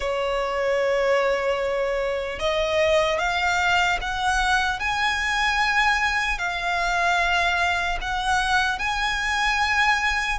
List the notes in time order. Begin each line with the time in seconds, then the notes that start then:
0.00 C#5
2.39 D#5
3.18 F5
4.01 F#5
4.79 G#5
6.38 F5
8.01 F#5
8.79 G#5